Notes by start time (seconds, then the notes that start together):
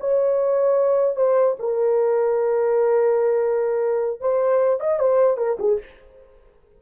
0.00 C#5
1.16 C5
1.59 A#4
4.20 C5
4.80 D#5
4.99 C5
5.37 A#4
5.59 G#4